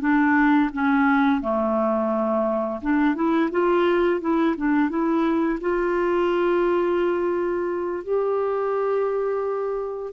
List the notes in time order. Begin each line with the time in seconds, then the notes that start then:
0.00 D4
0.73 C#4
1.41 A3
2.82 D4
3.15 E4
3.51 F4
4.21 E4
4.57 D4
4.89 E4
5.60 F4
8.04 G4